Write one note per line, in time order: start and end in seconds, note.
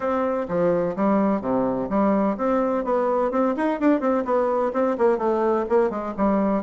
0.00 0.46 C4
0.48 0.95 F3
0.96 1.41 G3
1.41 1.88 C3
1.89 2.36 G3
2.37 2.84 C4
2.84 3.31 B3
3.31 3.55 C4
3.56 3.80 D#4
3.80 4.00 D4
4.00 4.23 C4
4.25 4.72 B3
4.73 4.96 C4
4.98 5.17 A#3
5.17 5.65 A3
5.69 5.89 A#3
5.89 6.13 G#3
6.17 6.63 G3